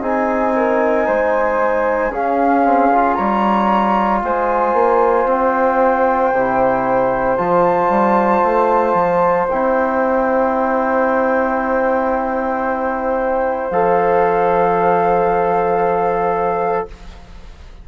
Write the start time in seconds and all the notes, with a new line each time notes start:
0.00 C4 D#4 G#4 G#5
0.55 A#4
1.07 G#3 C5
2.10 C#4 G#4 F5
2.64 C4
2.92 F4
3.14 G3 C#5 A#5
4.22 G#3 C5 G#5
4.73 A#3
5.25 C4 G5
6.33 C3 E4
7.36 F3 F4 A5
7.89 G3
8.43 A3
8.94 F3
9.49 C4 E4 G5
13.70 F3 A4 F5